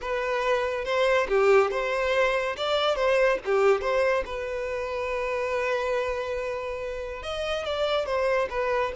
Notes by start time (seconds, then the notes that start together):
0.01 B4
0.84 C5
1.28 G4
1.70 C5
2.56 D5
2.95 C5
3.45 G4
3.81 C5
4.25 B4
7.22 D#5
7.65 D5
8.06 C5
8.50 B4